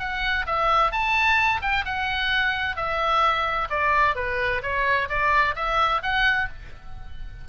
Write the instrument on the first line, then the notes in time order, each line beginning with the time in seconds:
oboe
0.00 F#5
0.47 E5
0.92 A5
1.62 G5
1.85 F#5
2.77 E5
3.70 D5
4.16 B4
4.63 C#5
5.09 D5
5.56 E5
6.03 F#5